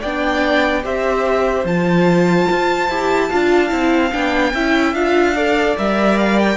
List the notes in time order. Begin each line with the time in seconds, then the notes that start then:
0.00 B3 D4 D5 G5
0.83 C4 G4 C5 E5
1.65 F3 F4 A5
2.51 F4
2.90 E4 G4
3.29 D4 F4 F5
3.69 C4 E4
4.12 B3 D4 G5
4.53 C#4 E4 E5
4.94 D4 F4 F5
5.36 A4 D5
5.77 G3 A#4 E5
6.19 F5
6.40 G5